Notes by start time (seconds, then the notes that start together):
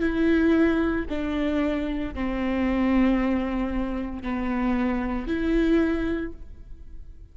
0.00 E4
1.09 D4
2.14 C4
4.22 B3
5.27 E4